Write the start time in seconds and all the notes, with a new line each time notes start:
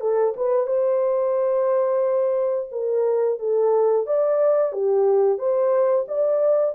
0.00 A4
0.36 B4
0.66 C5
2.72 A#4
3.39 A4
4.06 D5
4.72 G4
5.38 C5
6.08 D5